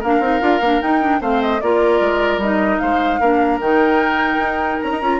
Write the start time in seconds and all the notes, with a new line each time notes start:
0.00 A#3 D4 A#4 F5
0.20 C4 D#4
0.41 D4 F4
0.60 A#3 D4
0.81 D#4 G5
1.01 D4
1.21 A3 C4 C5 F5
1.42 D#5
1.60 A#3 F4 A#4 D5
2.00 G#3
2.37 G3 D#4 D#5
2.79 G#3 C5 F5
3.20 A#3 D4 A#4
3.61 D#3 D#4 G5
4.38 D#4
4.81 C#4 A#5
4.92 D#4
5.01 C#4 F4